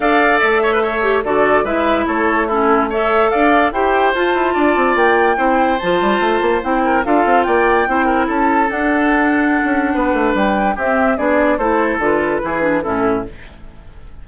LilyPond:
<<
  \new Staff \with { instrumentName = "flute" } { \time 4/4 \tempo 4 = 145 f''4 e''2 d''4 | e''4 cis''4 a'4 e''4 | f''4 g''4 a''2 | g''2 a''2 |
g''4 f''4 g''2 | a''4 fis''2.~ | fis''4 g''4 e''4 d''4 | c''4 b'2 a'4 | }
  \new Staff \with { instrumentName = "oboe" } { \time 4/4 d''4. cis''16 b'16 cis''4 a'4 | b'4 a'4 e'4 cis''4 | d''4 c''2 d''4~ | d''4 c''2.~ |
c''8 ais'8 a'4 d''4 c''8 ais'8 | a'1 | b'2 g'4 gis'4 | a'2 gis'4 e'4 | }
  \new Staff \with { instrumentName = "clarinet" } { \time 4/4 a'2~ a'8 g'8 fis'4 | e'2 cis'4 a'4~ | a'4 g'4 f'2~ | f'4 e'4 f'2 |
e'4 f'2 e'4~ | e'4 d'2.~ | d'2 c'4 d'4 | e'4 f'4 e'8 d'8 cis'4 | }
  \new Staff \with { instrumentName = "bassoon" } { \time 4/4 d'4 a2 d4 | gis4 a2. | d'4 e'4 f'8 e'8 d'8 c'8 | ais4 c'4 f8 g8 a8 ais8 |
c'4 d'8 c'8 ais4 c'4 | cis'4 d'2~ d'16 cis'8. | b8 a8 g4 c'4 b4 | a4 d4 e4 a,4 | }
>>